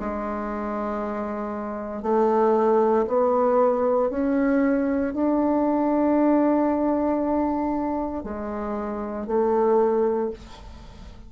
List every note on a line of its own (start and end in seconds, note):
0.00 2.03 G#3
2.03 3.06 A3
3.08 4.11 B3
4.11 5.14 C#4
5.14 8.24 D4
8.24 9.27 G#3
9.27 10.31 A3